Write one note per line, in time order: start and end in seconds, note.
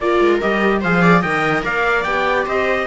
0.00 0.20 A#3
0.00 0.41 F4
0.00 0.80 A#4
0.00 0.40 D5
0.20 0.40 G#3
0.41 0.84 G3
0.41 0.82 G4
0.41 0.82 D#5
0.80 1.23 F3
0.80 1.23 G#4
0.80 1.01 C5
0.80 1.21 F5
1.01 1.21 D5
1.21 1.64 D#3
1.21 2.05 A#4
1.21 1.62 D#5
1.21 1.63 G5
1.64 2.05 A#3
1.64 2.45 D5
1.64 2.03 F5
2.03 2.46 B3
2.03 2.87 G4
2.03 2.44 G5
2.45 2.87 C4
2.45 2.86 C5
2.45 2.87 D#5